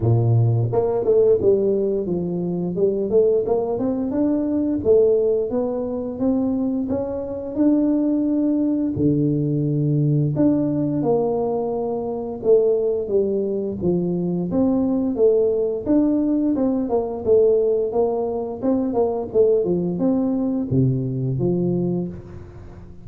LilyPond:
\new Staff \with { instrumentName = "tuba" } { \time 4/4 \tempo 4 = 87 ais,4 ais8 a8 g4 f4 | g8 a8 ais8 c'8 d'4 a4 | b4 c'4 cis'4 d'4~ | d'4 d2 d'4 |
ais2 a4 g4 | f4 c'4 a4 d'4 | c'8 ais8 a4 ais4 c'8 ais8 | a8 f8 c'4 c4 f4 | }